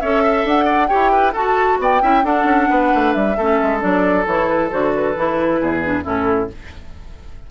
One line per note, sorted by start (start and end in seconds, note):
0.00 0.44 C#4
0.00 0.88 A4
0.00 0.23 C#5
0.00 0.45 E5
0.23 0.64 E5
0.44 0.89 D4
0.44 0.87 F#5
0.64 0.87 D5
0.87 1.33 G4
0.87 1.11 C#5
0.87 1.32 G5
0.94 1.34 E4
1.12 1.32 B4
1.32 1.79 F#4
1.32 2.01 F#4
1.32 1.77 A4
1.32 1.79 A5
1.79 2.01 B3
1.79 2.02 D5
1.79 2.25 G5
2.01 2.24 C#4
2.01 2.23 E4
2.01 2.24 E5
2.24 2.44 D4
2.24 3.35 D4
2.24 2.69 A4
2.24 3.12 F#5
2.44 2.66 C#4
2.70 2.92 B3
2.70 3.37 B4
2.94 3.15 A3
3.12 3.37 G3
3.12 3.80 E5
3.37 3.60 A3
3.37 3.79 C#4
3.37 5.61 A4
3.62 3.83 G#3
3.79 4.26 F#3
3.79 4.24 D4
3.79 4.25 D5
4.26 4.70 E3
4.26 4.70 E4
4.26 4.48 C#5
4.48 4.70 B4
4.70 5.16 D3
4.70 5.15 F#4
4.70 4.93 C5
4.95 6.05 B4
5.16 5.61 E3
5.16 5.83 E4
5.61 6.06 E2
5.61 6.04 G#4
5.83 6.03 D4
6.03 6.50 A2
6.03 6.47 C#4
6.03 6.48 E4
6.03 6.50 A4